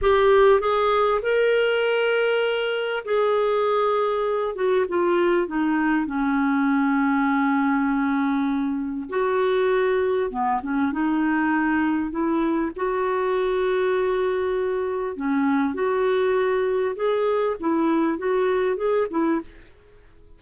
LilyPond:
\new Staff \with { instrumentName = "clarinet" } { \time 4/4 \tempo 4 = 99 g'4 gis'4 ais'2~ | ais'4 gis'2~ gis'8 fis'8 | f'4 dis'4 cis'2~ | cis'2. fis'4~ |
fis'4 b8 cis'8 dis'2 | e'4 fis'2.~ | fis'4 cis'4 fis'2 | gis'4 e'4 fis'4 gis'8 e'8 | }